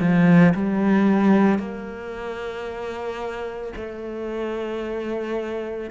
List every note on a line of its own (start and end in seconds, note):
0.00 0.54 F3
0.55 1.59 G3
1.59 3.73 A#3
3.76 5.90 A3